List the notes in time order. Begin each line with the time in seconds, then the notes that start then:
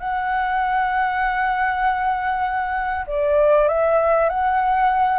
0.00 F#5
3.07 D5
3.68 E5
4.30 F#5